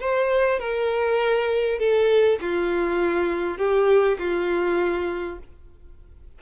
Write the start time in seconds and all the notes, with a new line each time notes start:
0.00 C5
0.59 A#4
1.79 A4
2.41 F4
3.58 G4
4.18 F4